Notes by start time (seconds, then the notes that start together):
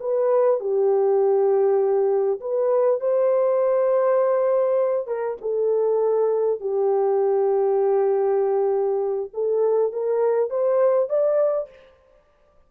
0.00 B4
0.60 G4
2.40 B4
3.00 C5
5.07 A#4
5.41 A4
6.60 G4
9.33 A4
9.92 A#4
10.50 C5
11.09 D5